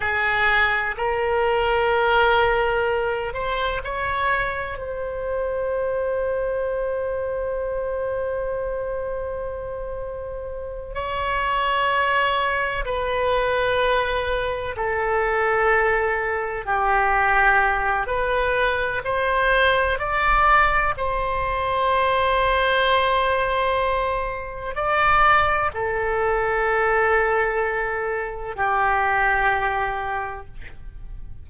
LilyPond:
\new Staff \with { instrumentName = "oboe" } { \time 4/4 \tempo 4 = 63 gis'4 ais'2~ ais'8 c''8 | cis''4 c''2.~ | c''2.~ c''8 cis''8~ | cis''4. b'2 a'8~ |
a'4. g'4. b'4 | c''4 d''4 c''2~ | c''2 d''4 a'4~ | a'2 g'2 | }